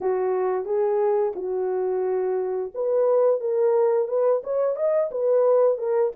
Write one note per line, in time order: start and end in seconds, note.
0.01 0.65 F#4
0.65 1.33 G#4
1.35 2.71 F#4
2.74 3.40 B4
3.40 4.08 A#4
4.08 4.42 B4
4.43 4.75 C#5
4.75 5.10 D#5
5.11 5.78 B4
5.78 6.12 A#4